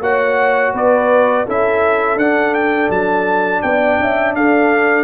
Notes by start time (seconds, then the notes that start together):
0.00 A#3 F#4 C#5 F#5
0.73 B3 B4 D5
1.46 C#4 E4 A4 E5
2.16 D4 F#5
2.53 G5
2.89 F#3 A5
3.62 B3 D5 G5
3.99 C#4 E5
4.34 D4 A4 F5